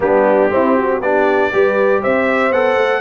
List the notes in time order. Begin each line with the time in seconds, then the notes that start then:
0.00 G3 B3 D4 G4
0.50 C4 E4
0.76 F#4
1.00 B3 D4 G4 D5
1.52 G3 G4 B4
2.01 C4 C5 E5
2.51 B3 A4 F#5
2.76 A3